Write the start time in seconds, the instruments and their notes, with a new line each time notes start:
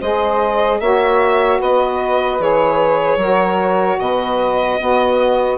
0.00 bassoon G#3, saxophone G#4 C5, violin D#5
0.80 bassoon A#3, saxophone F#4 C#5, violin E5
1.59 bassoon B3, saxophone B4, violin D#5
2.39 bassoon E3, saxophone G#4, violin C#5
3.17 bassoon F#3, saxophone F#4 A#4
3.99 bassoon B2, saxophone B4, violin D#5
4.79 saxophone B3 F#4, bassoon B3